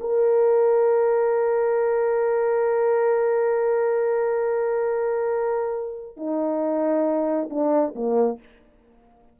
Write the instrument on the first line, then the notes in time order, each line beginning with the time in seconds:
horn
0.00 A#4
6.17 D#4
7.50 D4
7.95 A#3